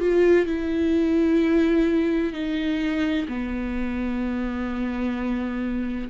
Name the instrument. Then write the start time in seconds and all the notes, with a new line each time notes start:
viola
0.00 F4
0.46 E4
2.33 D#4
3.28 B3